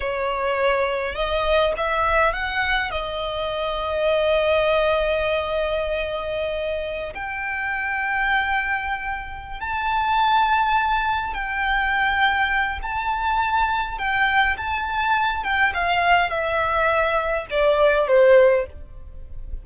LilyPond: \new Staff \with { instrumentName = "violin" } { \time 4/4 \tempo 4 = 103 cis''2 dis''4 e''4 | fis''4 dis''2.~ | dis''1~ | dis''16 g''2.~ g''8.~ |
g''8 a''2. g''8~ | g''2 a''2 | g''4 a''4. g''8 f''4 | e''2 d''4 c''4 | }